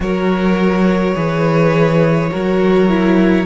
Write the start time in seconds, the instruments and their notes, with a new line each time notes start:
0.00 cello F#3, viola F#4, violin A#4 C#5
1.14 cello E3, viola G#4, violin B4
2.30 cello F#3, viola F#4, violin A#4
2.88 viola E4